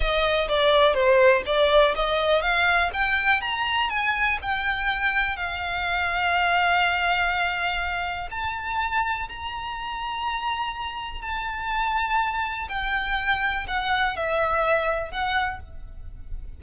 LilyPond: \new Staff \with { instrumentName = "violin" } { \time 4/4 \tempo 4 = 123 dis''4 d''4 c''4 d''4 | dis''4 f''4 g''4 ais''4 | gis''4 g''2 f''4~ | f''1~ |
f''4 a''2 ais''4~ | ais''2. a''4~ | a''2 g''2 | fis''4 e''2 fis''4 | }